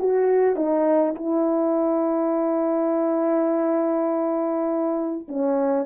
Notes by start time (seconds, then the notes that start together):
0.00 F#4
0.56 D#4
1.16 E4
5.28 C#4